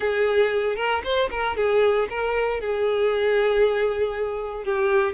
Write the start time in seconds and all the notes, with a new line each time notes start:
0.00 G#4
0.76 A#4
1.03 C5
1.30 A#4
1.56 G#4
2.09 A#4
2.60 G#4
4.64 G4